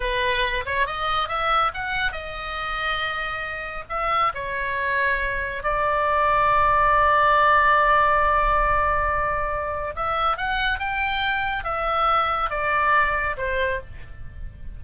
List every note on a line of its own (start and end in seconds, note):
0.00 0.64 B4
0.65 0.86 C#5
0.86 1.28 D#5
1.28 1.71 E5
1.74 2.12 F#5
2.12 3.84 D#5
3.89 4.32 E5
4.34 5.63 C#5
5.63 9.94 D5
9.95 10.37 E5
10.37 10.79 F#5
10.79 11.64 G5
11.64 12.50 E5
12.50 13.36 D5
13.37 13.80 C5